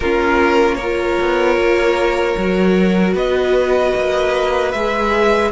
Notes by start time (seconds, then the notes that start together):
0.00 A#3 C#4 F4 A#4
0.75 A#4 C#5
0.81 F4
1.20 B3
1.56 A#3
2.37 F#3 F#4
3.14 B3 B4 D#5
3.95 A#3
4.71 G#3 G#4 E5